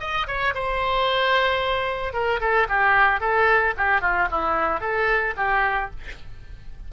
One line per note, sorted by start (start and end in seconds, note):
0.00 0.27 D#5
0.27 0.54 C#5
0.54 2.13 C5
2.13 2.40 A#4
2.40 2.67 A4
2.69 3.20 G4
3.20 3.74 A4
3.77 4.01 G4
4.01 4.28 F4
4.31 4.80 E4
4.80 5.34 A4
5.36 5.90 G4